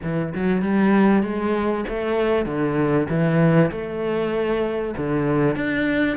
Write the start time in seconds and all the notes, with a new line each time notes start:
0.02 E3
0.34 F#3
0.62 G3
1.23 G#3
1.88 A3
2.45 D3
3.09 E3
3.71 A3
4.97 D3
5.55 D4